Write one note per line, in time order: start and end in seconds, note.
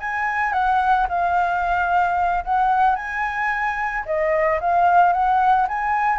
0.00 0.53 G#5
0.53 1.07 F#5
1.09 2.44 F5
2.45 2.96 F#5
2.96 4.04 G#5
4.06 4.60 D#5
4.60 5.13 F5
5.13 5.67 F#5
5.68 6.19 G#5